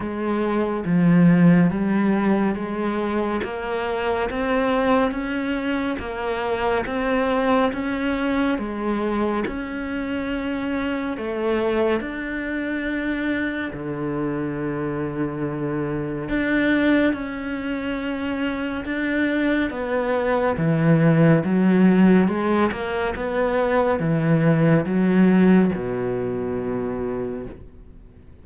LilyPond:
\new Staff \with { instrumentName = "cello" } { \time 4/4 \tempo 4 = 70 gis4 f4 g4 gis4 | ais4 c'4 cis'4 ais4 | c'4 cis'4 gis4 cis'4~ | cis'4 a4 d'2 |
d2. d'4 | cis'2 d'4 b4 | e4 fis4 gis8 ais8 b4 | e4 fis4 b,2 | }